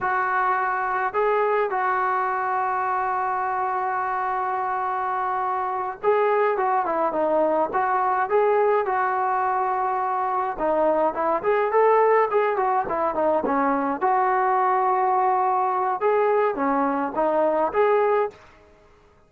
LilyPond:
\new Staff \with { instrumentName = "trombone" } { \time 4/4 \tempo 4 = 105 fis'2 gis'4 fis'4~ | fis'1~ | fis'2~ fis'8 gis'4 fis'8 | e'8 dis'4 fis'4 gis'4 fis'8~ |
fis'2~ fis'8 dis'4 e'8 | gis'8 a'4 gis'8 fis'8 e'8 dis'8 cis'8~ | cis'8 fis'2.~ fis'8 | gis'4 cis'4 dis'4 gis'4 | }